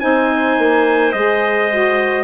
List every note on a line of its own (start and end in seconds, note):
0.00 0.58 C4
0.00 1.13 D#4
0.00 2.24 C5
0.00 1.12 G#5
0.58 1.14 A#3
1.12 2.24 G#3
1.12 1.71 G#4
1.12 2.24 D#5
1.71 2.24 F#4